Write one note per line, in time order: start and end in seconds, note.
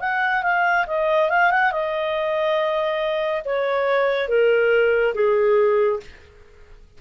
0.00 0.42 F#5
0.42 0.85 F5
0.86 1.29 D#5
1.30 1.51 F5
1.51 1.71 F#5
1.71 3.43 D#5
3.44 4.28 C#5
4.28 5.14 A#4
5.14 6.00 G#4